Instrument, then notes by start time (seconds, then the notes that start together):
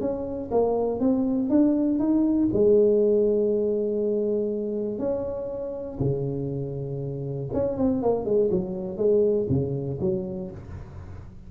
tuba
0.00 C#4
0.51 A#3
1.00 C4
1.49 D4
1.99 D#4
2.53 G#3
4.98 C#4
5.99 C#3
7.52 C#4
7.77 C4
8.02 A#3
8.25 G#3
8.50 F#3
8.97 G#3
9.49 C#3
10.00 F#3